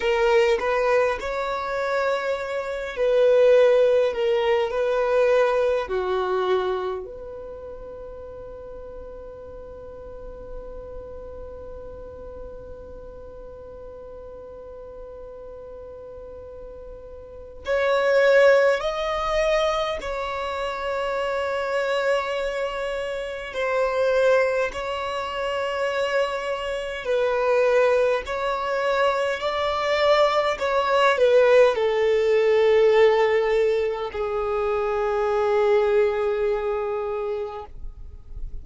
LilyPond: \new Staff \with { instrumentName = "violin" } { \time 4/4 \tempo 4 = 51 ais'8 b'8 cis''4. b'4 ais'8 | b'4 fis'4 b'2~ | b'1~ | b'2. cis''4 |
dis''4 cis''2. | c''4 cis''2 b'4 | cis''4 d''4 cis''8 b'8 a'4~ | a'4 gis'2. | }